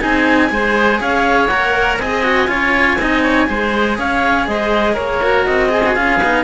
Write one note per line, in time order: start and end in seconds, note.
0.00 0.51 C4
0.00 0.50 D#4
0.00 0.51 G#4
0.00 0.99 G#5
0.50 1.01 G#3
0.50 1.49 G#4
0.50 1.01 C5
1.01 1.49 C#4
1.01 2.00 C#5
1.01 1.48 F5
1.48 1.98 A#3
1.48 2.01 A#4
1.48 1.97 F#5
1.98 2.48 C4
1.98 2.24 G#4
1.98 2.50 D#5
1.98 3.97 G#5
2.24 2.48 F#4
2.48 2.98 C#4
2.48 2.97 F4
2.48 2.99 C#5
2.98 3.48 C4
2.98 3.47 D#4
2.98 3.23 D#5
3.23 3.48 C#5
3.47 3.99 G#3
3.47 5.21 G#4
3.47 3.99 C5
3.99 4.48 C#4
3.99 4.48 C#5
3.99 4.47 F5
4.47 4.97 G#3
4.47 4.94 C5
4.47 4.96 D#5
4.94 5.47 A#3
4.94 5.68 A#4
4.94 5.46 C#5
5.22 5.69 F#4
5.46 5.97 C4
5.46 5.95 D#5
5.69 5.82 G#4
5.69 6.45 G#4
5.86 5.96 F#4
5.95 6.20 C#4
5.95 6.21 F4
5.95 6.45 F5
6.20 6.45 B3
6.20 6.45 D#4